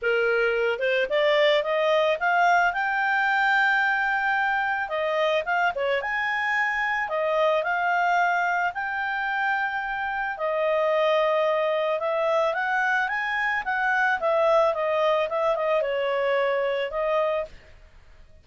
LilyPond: \new Staff \with { instrumentName = "clarinet" } { \time 4/4 \tempo 4 = 110 ais'4. c''8 d''4 dis''4 | f''4 g''2.~ | g''4 dis''4 f''8 cis''8 gis''4~ | gis''4 dis''4 f''2 |
g''2. dis''4~ | dis''2 e''4 fis''4 | gis''4 fis''4 e''4 dis''4 | e''8 dis''8 cis''2 dis''4 | }